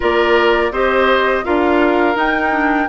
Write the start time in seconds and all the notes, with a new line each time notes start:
0.00 A#3 F4 A#4 D5
0.71 C4 G4 C5 D#5
1.44 D4 F4 A#4 F5
2.15 D#4 G5
2.51 D4